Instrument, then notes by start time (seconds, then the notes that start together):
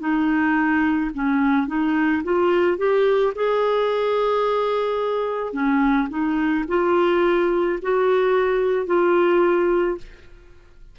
clarinet
0.00 D#4
1.14 C#4
1.67 D#4
2.24 F4
2.78 G4
3.35 G#4
5.53 C#4
6.09 D#4
6.68 F4
7.82 F#4
8.86 F4